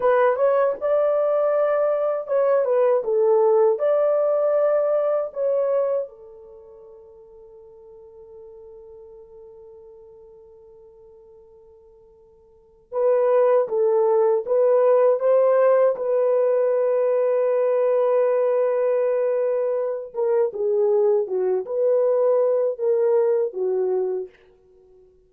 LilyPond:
\new Staff \with { instrumentName = "horn" } { \time 4/4 \tempo 4 = 79 b'8 cis''8 d''2 cis''8 b'8 | a'4 d''2 cis''4 | a'1~ | a'1~ |
a'4 b'4 a'4 b'4 | c''4 b'2.~ | b'2~ b'8 ais'8 gis'4 | fis'8 b'4. ais'4 fis'4 | }